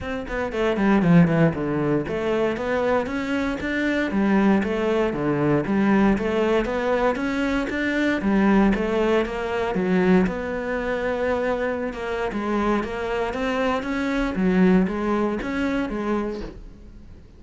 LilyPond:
\new Staff \with { instrumentName = "cello" } { \time 4/4 \tempo 4 = 117 c'8 b8 a8 g8 f8 e8 d4 | a4 b4 cis'4 d'4 | g4 a4 d4 g4 | a4 b4 cis'4 d'4 |
g4 a4 ais4 fis4 | b2.~ b16 ais8. | gis4 ais4 c'4 cis'4 | fis4 gis4 cis'4 gis4 | }